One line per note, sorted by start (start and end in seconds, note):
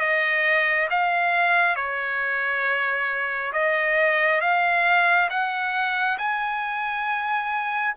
0.00 0.88 D#5
0.90 1.76 F5
1.76 3.52 C#5
3.53 4.41 D#5
4.41 5.29 F5
5.30 6.18 F#5
6.18 7.95 G#5